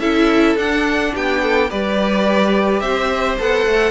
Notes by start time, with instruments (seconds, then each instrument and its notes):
0.00 cello C#4, viola E4, violin A4 E5
0.56 cello D4, viola D4, violin F#5
1.14 cello B3, violin G4 G5
1.43 violin A4
1.70 cello G3, viola G4, violin B4 D5
2.80 cello C4, violin C5 E5
3.39 cello B3, viola A4, violin F#5
3.67 cello A3